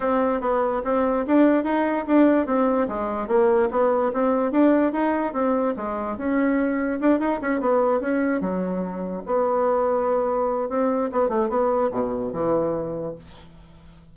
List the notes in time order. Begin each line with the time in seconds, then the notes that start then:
0.00 C4
0.41 B3
0.84 C4
1.26 D4
1.63 D#4
2.07 D4
2.46 C4
2.87 G#3
3.27 A#3
3.70 B3
4.13 C4
4.51 D4
4.92 D#4
5.33 C4
5.76 G#3
6.17 C#4
7.00 D4
7.19 D#4
7.41 C#4
7.60 B3
8.00 C#4
8.40 F#3
9.25 B3
10.69 C4
11.12 B3
11.28 A3
11.49 B3
11.91 B2
12.33 E3